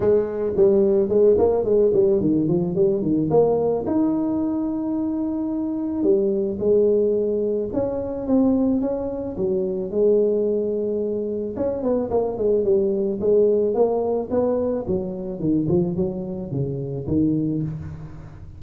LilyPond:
\new Staff \with { instrumentName = "tuba" } { \time 4/4 \tempo 4 = 109 gis4 g4 gis8 ais8 gis8 g8 | dis8 f8 g8 dis8 ais4 dis'4~ | dis'2. g4 | gis2 cis'4 c'4 |
cis'4 fis4 gis2~ | gis4 cis'8 b8 ais8 gis8 g4 | gis4 ais4 b4 fis4 | dis8 f8 fis4 cis4 dis4 | }